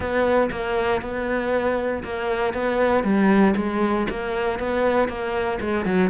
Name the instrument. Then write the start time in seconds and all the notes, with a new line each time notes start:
cello
0.00 B3
0.51 A#3
1.01 B3
2.03 A#3
2.53 B3
3.03 G3
3.56 G#3
4.09 A#3
4.59 B3
5.08 A#3
5.60 G#3
5.85 F#3